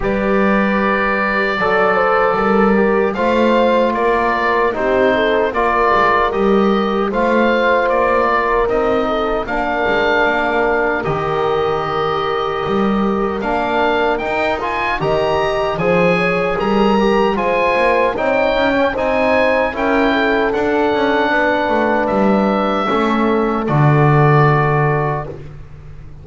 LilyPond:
<<
  \new Staff \with { instrumentName = "oboe" } { \time 4/4 \tempo 4 = 76 d''1 | f''4 d''4 c''4 d''4 | dis''4 f''4 d''4 dis''4 | f''2 dis''2~ |
dis''4 f''4 g''8 gis''8 ais''4 | gis''4 ais''4 gis''4 g''4 | gis''4 g''4 fis''2 | e''2 d''2 | }
  \new Staff \with { instrumentName = "horn" } { \time 4/4 b'2 d''8 c''8 ais'4 | c''4 ais'4 g'8 a'8 ais'4~ | ais'4 c''4. ais'4 a'8 | ais'1~ |
ais'2. dis''4 | c''8 cis''8 ais'4 c''4 cis''4 | c''4 ais'8 a'4. b'4~ | b'4 a'2. | }
  \new Staff \with { instrumentName = "trombone" } { \time 4/4 g'2 a'4. g'8 | f'2 dis'4 f'4 | g'4 f'2 dis'4 | d'2 g'2~ |
g'4 d'4 dis'8 f'8 g'4 | gis'4. g'8 f'4 dis'8. cis'16 | dis'4 e'4 d'2~ | d'4 cis'4 fis'2 | }
  \new Staff \with { instrumentName = "double bass" } { \time 4/4 g2 fis4 g4 | a4 ais4 c'4 ais8 gis8 | g4 a4 ais4 c'4 | ais8 gis8 ais4 dis2 |
g4 ais4 dis'4 dis4 | f4 g4 gis8 ais8 c'8 cis'8 | c'4 cis'4 d'8 cis'8 b8 a8 | g4 a4 d2 | }
>>